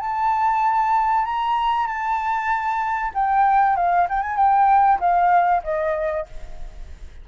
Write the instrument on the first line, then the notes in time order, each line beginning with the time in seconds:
flute
0.00 A5
1.25 A#5
1.87 A5
3.14 G5
3.76 F5
4.09 G5
4.22 G#5
4.37 G5
5.00 F5
5.64 D#5